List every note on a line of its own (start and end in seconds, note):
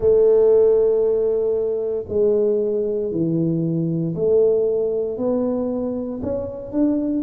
0.00 2.05 A3
2.08 3.11 G#3
3.11 4.14 E3
4.15 5.17 A3
5.17 6.21 B3
6.22 6.72 C#4
6.72 7.23 D4